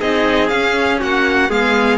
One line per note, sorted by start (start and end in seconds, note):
0.00 0.51 C4
0.00 0.50 D#4
0.00 1.00 G#4
0.00 0.49 D#5
0.49 1.01 C#4
0.49 1.50 C#4
0.49 0.99 F5
1.00 1.49 A#3
1.00 1.49 F#4
1.00 1.51 F#5
1.49 1.98 G#3
1.49 1.98 B3
1.49 1.98 G#4
1.49 1.98 F5